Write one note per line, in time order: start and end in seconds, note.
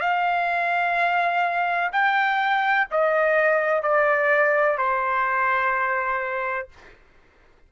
0.00 1.90 F5
1.92 2.87 G5
2.90 3.83 D#5
3.83 4.78 D5
4.78 6.68 C5